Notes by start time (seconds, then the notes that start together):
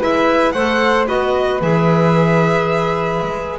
0.00 G#3 E4 B4 E5
0.52 A3 A4 C5 F#5
1.07 B3 F#4 B4 D#5
1.62 E3 G#4 E5
3.22 G#3